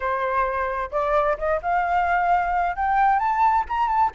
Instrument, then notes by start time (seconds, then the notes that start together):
flute
0.00 C5
0.91 D5
1.37 D#5
1.62 F5
2.76 G5
3.19 A5
3.68 A#5
3.88 A5